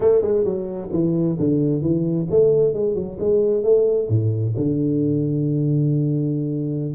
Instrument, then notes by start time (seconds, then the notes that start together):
tuba
0.00 A3
0.21 G#3
0.44 F#3
0.92 E3
1.39 D3
1.81 E3
2.30 A3
2.73 G#3
2.94 F#3
3.19 G#3
3.63 A3
4.08 A2
4.57 D3